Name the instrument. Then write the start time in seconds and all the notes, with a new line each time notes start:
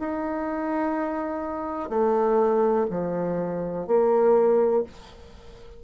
bassoon
0.00 D#4
1.90 A3
2.91 F3
3.87 A#3